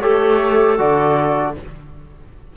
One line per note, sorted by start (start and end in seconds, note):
0.00 0.79 A3
0.00 0.78 G4
0.00 1.54 A4
0.00 0.77 C#5
0.78 1.56 D3
0.78 1.55 F#4
0.78 1.56 D5